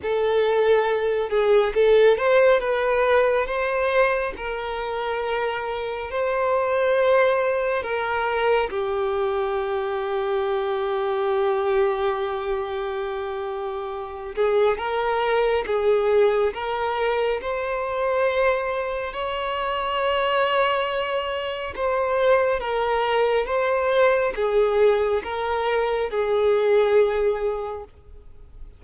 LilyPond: \new Staff \with { instrumentName = "violin" } { \time 4/4 \tempo 4 = 69 a'4. gis'8 a'8 c''8 b'4 | c''4 ais'2 c''4~ | c''4 ais'4 g'2~ | g'1~ |
g'8 gis'8 ais'4 gis'4 ais'4 | c''2 cis''2~ | cis''4 c''4 ais'4 c''4 | gis'4 ais'4 gis'2 | }